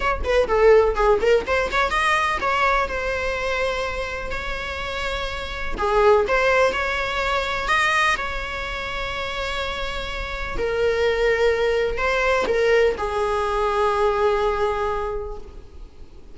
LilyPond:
\new Staff \with { instrumentName = "viola" } { \time 4/4 \tempo 4 = 125 cis''8 b'8 a'4 gis'8 ais'8 c''8 cis''8 | dis''4 cis''4 c''2~ | c''4 cis''2. | gis'4 c''4 cis''2 |
dis''4 cis''2.~ | cis''2 ais'2~ | ais'4 c''4 ais'4 gis'4~ | gis'1 | }